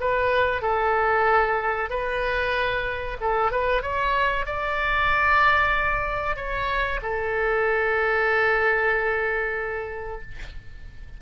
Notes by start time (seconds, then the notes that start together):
0.00 B4
0.62 A4
1.90 B4
3.21 A4
3.51 B4
3.82 C#5
4.45 D5
6.36 C#5
7.02 A4